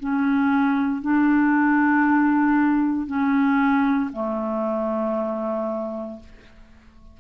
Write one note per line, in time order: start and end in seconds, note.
0.00 1.02 C#4
1.02 3.08 D4
3.08 4.11 C#4
4.13 6.20 A3